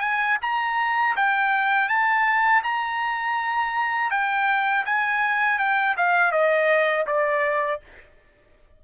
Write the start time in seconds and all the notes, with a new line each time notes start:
0.00 G#5
0.41 A#5
1.16 G5
1.88 A5
2.63 A#5
4.10 G5
4.85 G#5
5.58 G5
5.97 F5
6.31 D#5
7.06 D5